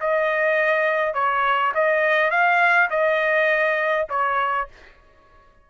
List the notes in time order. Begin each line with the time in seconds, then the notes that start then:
0.00 D#5
1.13 C#5
1.74 D#5
2.30 F5
2.90 D#5
4.09 C#5